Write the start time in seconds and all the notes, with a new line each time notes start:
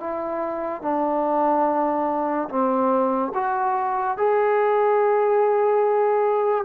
0.00 E4
0.82 D4
2.49 C4
3.34 F#4
4.18 G#4